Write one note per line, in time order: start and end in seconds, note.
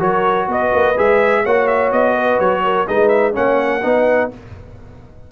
0.00 0.48 F#3
0.00 0.95 F#4
0.00 0.48 A#4
0.00 0.50 C#5
0.48 0.72 B3
0.48 1.43 B4
0.48 0.98 D#5
0.74 0.98 A#3
0.97 1.46 G#3
0.97 1.45 G#4
0.97 1.46 E5
1.43 1.92 A#3
1.43 2.88 F#4
1.43 2.15 C#5
1.43 1.68 F#5
1.68 1.91 E5
1.92 2.40 B3
1.92 2.40 D#5
2.16 2.63 B4
2.40 2.88 F#3
2.40 2.87 C#5
2.64 2.88 A#4
2.88 3.36 G#3
2.88 3.33 D#4
2.88 3.34 B4
2.88 3.09 D#5
3.09 3.33 E5
3.33 3.85 A#3
3.33 3.81 C#4
3.33 3.82 C#5
3.33 4.31 F#5
3.83 4.32 B3
3.83 4.31 D#4
3.83 4.32 B4